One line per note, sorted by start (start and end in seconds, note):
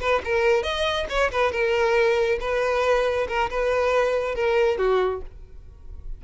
0.00 0.22 B4
0.25 0.63 A#4
0.63 1.07 D#5
1.09 1.31 C#5
1.31 1.52 B4
1.52 2.39 A#4
2.40 3.27 B4
3.28 3.50 A#4
3.50 4.35 B4
4.35 4.78 A#4
4.78 5.21 F#4